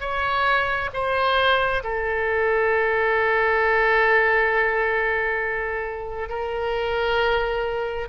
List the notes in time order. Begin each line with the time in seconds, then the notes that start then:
0.00 C#5
0.93 C5
1.84 A4
6.29 A#4